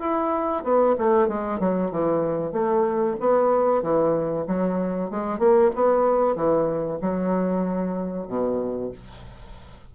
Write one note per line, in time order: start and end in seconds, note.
0.00 0.64 E4
0.64 0.96 B3
0.99 1.28 A3
1.28 1.60 G#3
1.60 1.91 F#3
1.91 2.53 E3
2.53 3.17 A3
3.21 3.83 B3
3.83 4.47 E3
4.48 5.11 F#3
5.11 5.39 G#3
5.39 5.71 A#3
5.76 6.36 B3
6.36 7.00 E3
7.02 8.28 F#3
8.28 8.92 B2